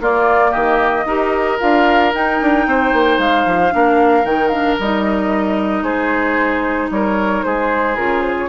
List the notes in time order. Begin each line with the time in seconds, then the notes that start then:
0.00 A#3 F4 D5
0.51 D#3 G4 D#5
1.05 D#4 G4 A#4
1.59 D4 F4 F5
2.12 D#4 G5
2.41 D4
2.66 C4 C5
2.93 A#3
3.18 G#3 F5
3.45 F3
3.70 A#3 D4 A#4
4.24 D#3 D#4 G5
4.48 D4 F5
4.79 G3 D#4 D#5
5.82 G#3 G#4 C5
6.90 G3 A#4 C#5
7.43 G#3 G#4 C5
7.95 C#3 F4 A#4
8.21 C5
8.39 C#5